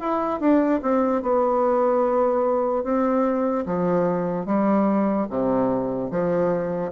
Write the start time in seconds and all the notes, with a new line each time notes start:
0.00 E4
0.40 D4
0.82 C4
1.22 B3
2.84 C4
3.66 F3
4.46 G3
5.30 C3
6.10 F3